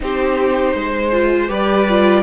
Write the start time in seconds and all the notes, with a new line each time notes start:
0.00 C4 D#4 G4 C5
0.74 G#3 C5
1.12 F4
1.48 G3 G4 B4 D5
1.89 F4